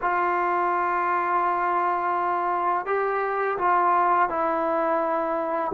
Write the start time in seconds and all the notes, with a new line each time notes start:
0.01 F4
2.86 G4
3.57 F4
4.29 E4